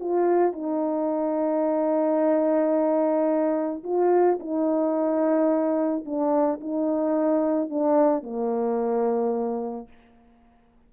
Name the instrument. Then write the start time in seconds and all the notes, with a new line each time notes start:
horn
0.00 F4
0.53 D#4
3.84 F4
4.40 D#4
6.05 D4
6.61 D#4
7.70 D4
8.23 A#3